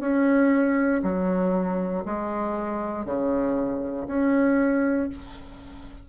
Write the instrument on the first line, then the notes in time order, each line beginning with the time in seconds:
bassoon
0.00 C#4
1.03 F#3
2.05 G#3
3.05 C#3
4.07 C#4